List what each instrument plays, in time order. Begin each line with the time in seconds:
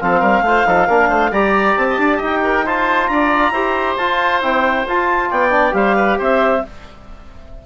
0.00 bassoon F3, trombone C4, oboe A4, clarinet F5
0.19 bassoon G3, oboe A#4
0.41 bassoon A3, trombone F4
0.47 oboe C5
0.66 bassoon F3, trombone D#4, oboe A4
0.87 bassoon A#3, trombone D4, oboe A#4
1.08 bassoon A3, oboe C5
1.31 bassoon G3, trombone G4, oboe D5, clarinet A#5
1.76 bassoon C4, clarinet A5
1.90 oboe D#5
1.97 bassoon D4, oboe D5
2.17 bassoon D#4, oboe D#5
2.24 clarinet G5
2.43 oboe A#4
2.65 trombone F4, oboe C5, clarinet A5
3.06 bassoon D4, oboe D5, clarinet A#5
3.51 bassoon E4, trombone G4, oboe C5
3.97 bassoon F4, trombone F4, clarinet A5
4.41 trombone C4, bassoon E4, clarinet G5
4.86 bassoon F4, trombone F4, clarinet A5
5.30 bassoon B3, oboe D5, clarinet G5
5.50 trombone D4
5.71 bassoon G3, trombone G4, oboe C5, clarinet F5
5.96 oboe B4
6.18 bassoon C4, oboe C5, clarinet E5